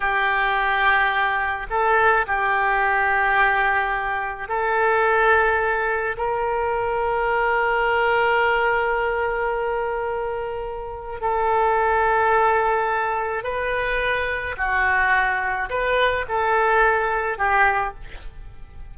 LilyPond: \new Staff \with { instrumentName = "oboe" } { \time 4/4 \tempo 4 = 107 g'2. a'4 | g'1 | a'2. ais'4~ | ais'1~ |
ais'1 | a'1 | b'2 fis'2 | b'4 a'2 g'4 | }